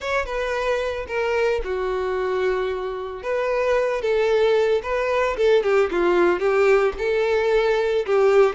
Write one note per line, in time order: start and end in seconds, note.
0.00 0.25 C#5
0.25 1.06 B4
1.07 1.61 A#4
1.63 3.22 F#4
3.22 4.01 B4
4.01 4.81 A4
4.82 5.36 B4
5.36 5.63 A4
5.63 5.90 G4
5.91 6.39 F4
6.39 6.93 G4
6.98 8.05 A4
8.06 8.55 G4